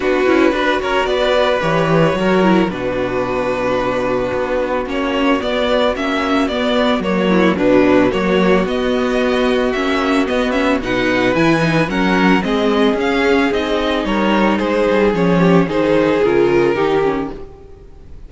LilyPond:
<<
  \new Staff \with { instrumentName = "violin" } { \time 4/4 \tempo 4 = 111 b'4. cis''8 d''4 cis''4~ | cis''4 b'2.~ | b'4 cis''4 d''4 e''4 | d''4 cis''4 b'4 cis''4 |
dis''2 e''4 dis''8 e''8 | fis''4 gis''4 fis''4 dis''4 | f''4 dis''4 cis''4 c''4 | cis''4 c''4 ais'2 | }
  \new Staff \with { instrumentName = "violin" } { \time 4/4 fis'4 b'8 ais'8 b'2 | ais'4 fis'2.~ | fis'1~ | fis'4. e'8 d'4 fis'4~ |
fis'1 | b'2 ais'4 gis'4~ | gis'2 ais'4 gis'4~ | gis'8 g'8 gis'2 g'4 | }
  \new Staff \with { instrumentName = "viola" } { \time 4/4 d'8 e'8 fis'2 g'4 | fis'8 e'8 d'2.~ | d'4 cis'4 b4 cis'4 | b4 ais4 fis4 ais4 |
b2 cis'4 b8 cis'8 | dis'4 e'8 dis'8 cis'4 c'4 | cis'4 dis'2. | cis'4 dis'4 f'4 dis'8 cis'8 | }
  \new Staff \with { instrumentName = "cello" } { \time 4/4 b8 cis'8 d'8 cis'8 b4 e4 | fis4 b,2. | b4 ais4 b4 ais4 | b4 fis4 b,4 fis4 |
b2 ais4 b4 | b,4 e4 fis4 gis4 | cis'4 c'4 g4 gis8 g8 | f4 dis4 cis4 dis4 | }
>>